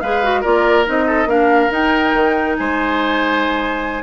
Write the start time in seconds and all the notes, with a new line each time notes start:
0.00 G#3 G#4 B4 F5
0.23 F#4
0.41 A#3 F4 A#4 D5
0.85 C4 D#4 D#5
1.06 A4
1.25 A#3 D4 A#4 F5
1.70 D#4 G5
2.14 D#3
2.56 G#3 C5 G#5